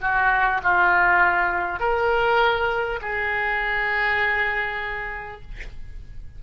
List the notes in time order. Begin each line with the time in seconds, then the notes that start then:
0.00 F#4
0.63 F4
1.79 A#4
3.01 G#4